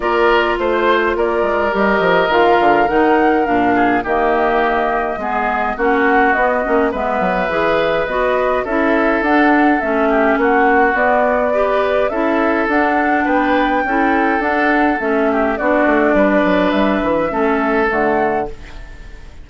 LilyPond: <<
  \new Staff \with { instrumentName = "flute" } { \time 4/4 \tempo 4 = 104 d''4 c''4 d''4 dis''4 | f''4 fis''4 f''4 dis''4~ | dis''2 fis''4 dis''4 | e''2 dis''4 e''4 |
fis''4 e''4 fis''4 d''4~ | d''4 e''4 fis''4 g''4~ | g''4 fis''4 e''4 d''4~ | d''4 e''2 fis''4 | }
  \new Staff \with { instrumentName = "oboe" } { \time 4/4 ais'4 c''4 ais'2~ | ais'2~ ais'8 gis'8 g'4~ | g'4 gis'4 fis'2 | b'2. a'4~ |
a'4. g'8 fis'2 | b'4 a'2 b'4 | a'2~ a'8 g'8 fis'4 | b'2 a'2 | }
  \new Staff \with { instrumentName = "clarinet" } { \time 4/4 f'2. g'4 | f'4 dis'4 d'4 ais4~ | ais4 b4 cis'4 b8 cis'8 | b4 gis'4 fis'4 e'4 |
d'4 cis'2 b4 | g'4 e'4 d'2 | e'4 d'4 cis'4 d'4~ | d'2 cis'4 a4 | }
  \new Staff \with { instrumentName = "bassoon" } { \time 4/4 ais4 a4 ais8 gis8 g8 f8 | dis8 d8 dis4 ais,4 dis4~ | dis4 gis4 ais4 b8 ais8 | gis8 fis8 e4 b4 cis'4 |
d'4 a4 ais4 b4~ | b4 cis'4 d'4 b4 | cis'4 d'4 a4 b8 a8 | g8 fis8 g8 e8 a4 d4 | }
>>